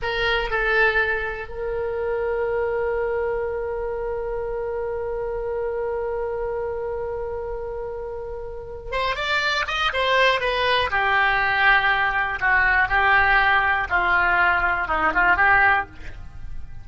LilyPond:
\new Staff \with { instrumentName = "oboe" } { \time 4/4 \tempo 4 = 121 ais'4 a'2 ais'4~ | ais'1~ | ais'1~ | ais'1~ |
ais'2 c''8 d''4 dis''8 | c''4 b'4 g'2~ | g'4 fis'4 g'2 | f'2 dis'8 f'8 g'4 | }